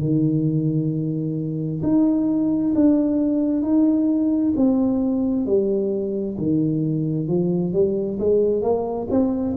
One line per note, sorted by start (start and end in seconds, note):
0.00 1.82 D#3
1.83 2.74 D#4
2.75 3.62 D4
3.62 4.53 D#4
4.57 5.46 C4
5.46 6.37 G3
6.38 7.28 D#3
7.28 7.73 F3
7.73 8.18 G3
8.19 8.62 G#3
8.62 9.07 A#3
9.10 9.56 C4